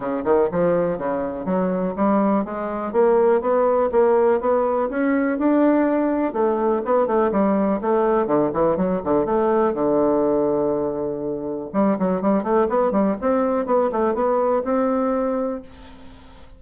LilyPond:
\new Staff \with { instrumentName = "bassoon" } { \time 4/4 \tempo 4 = 123 cis8 dis8 f4 cis4 fis4 | g4 gis4 ais4 b4 | ais4 b4 cis'4 d'4~ | d'4 a4 b8 a8 g4 |
a4 d8 e8 fis8 d8 a4 | d1 | g8 fis8 g8 a8 b8 g8 c'4 | b8 a8 b4 c'2 | }